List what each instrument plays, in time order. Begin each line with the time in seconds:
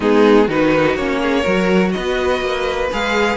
0.00 cello G#3, viola B3, violin D#4 G#4
0.47 cello D#3, viola D#4, violin F#4 B4
0.96 cello A#3, viola C#4, violin C#5
1.22 violin G#4
1.41 cello F#3, viola F#4, violin A#4
1.91 cello B3, violin B4 D#5
2.40 cello A#3
2.92 cello G#3, viola G#4, violin F5